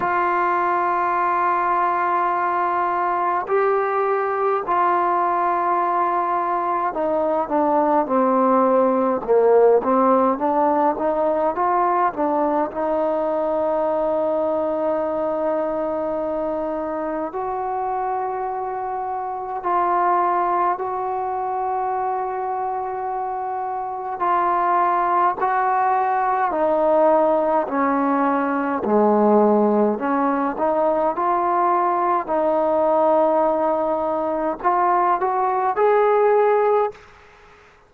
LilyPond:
\new Staff \with { instrumentName = "trombone" } { \time 4/4 \tempo 4 = 52 f'2. g'4 | f'2 dis'8 d'8 c'4 | ais8 c'8 d'8 dis'8 f'8 d'8 dis'4~ | dis'2. fis'4~ |
fis'4 f'4 fis'2~ | fis'4 f'4 fis'4 dis'4 | cis'4 gis4 cis'8 dis'8 f'4 | dis'2 f'8 fis'8 gis'4 | }